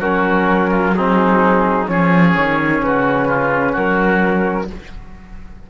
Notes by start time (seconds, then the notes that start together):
0.00 F#3 C#4 F#4 A#4
0.71 F4
0.94 C4 D#4 G#4
1.87 F3 C#4 G#4 C#5
2.37 D#3
2.82 C#3 F#4 B4
3.29 F4
3.72 F#3 F#4 A#4